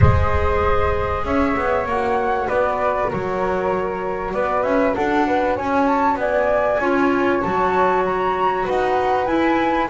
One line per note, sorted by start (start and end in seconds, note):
0.00 1.24 G#3
0.00 1.84 G#4
0.00 1.23 C5
0.00 1.25 D#5
1.24 1.55 C#4
1.24 2.48 C#5
1.24 1.86 E5
1.56 1.85 B3
1.84 2.47 A#3
1.84 6.79 F#4
1.84 2.48 F#5
2.48 3.11 B3
2.48 3.09 B4
2.48 3.10 D5
3.09 4.34 F#3
3.09 4.32 A#4
3.09 4.33 C#5
4.33 4.64 B3
4.33 4.95 B4
4.33 4.62 D5
4.62 4.95 C#4
4.62 4.93 E5
4.94 5.58 D4
4.94 5.26 A4
4.94 5.56 F#5
5.26 5.56 B4
5.56 6.15 C#4
5.56 6.18 C#5
5.56 5.86 G#5
5.86 6.17 A5
6.15 6.77 B3
6.15 6.80 D5
6.15 7.41 G#5
6.79 7.41 C#4
6.79 7.43 F4
6.79 8.64 C#5
7.41 8.68 F#3
7.41 9.27 F#4
7.41 8.03 A5
8.05 8.66 A#5
8.64 9.27 D#4
8.64 9.88 B4
8.64 9.26 F#5
9.26 9.89 E4
9.26 9.88 G#5